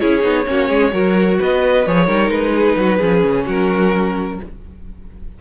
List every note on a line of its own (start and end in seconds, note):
0.00 0.23 C#4
0.00 0.22 E4
0.00 0.47 G#4
0.00 1.38 C#5
0.22 0.47 B3
0.22 0.45 D#4
0.46 0.70 A#3
0.46 0.92 C#4
0.46 0.69 F#4
0.69 0.93 G#3
0.69 0.92 G#4
0.92 1.39 F#3
0.92 1.84 F#4
0.92 1.39 A#4
1.39 1.87 B3
1.39 2.06 B4
1.39 1.87 D#5
1.87 2.08 F3
1.87 2.08 G#4
1.87 2.31 C#5
2.06 2.30 G3
2.06 3.00 D#4
2.06 2.52 A#4
2.30 2.76 G#3
2.30 3.46 B4
2.55 2.78 G#4
2.77 3.00 F#3
2.77 2.98 F#4
2.98 3.24 F3
2.98 4.39 C#4
2.98 3.44 G#4
3.24 3.47 C#3
3.47 4.40 F#3
3.47 4.39 F#4
3.47 4.41 A#4